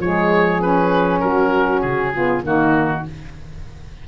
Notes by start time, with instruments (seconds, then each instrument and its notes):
0.00 tuba F3, saxophone G#3 G#4, oboe C#5
0.61 saxophone C#4, oboe B4
1.20 tuba F#3, saxophone F#4, oboe A#4
1.81 tuba C#3, oboe G#4
2.13 saxophone B3 F4
2.42 tuba D#3, saxophone A#3 D#4, oboe F#4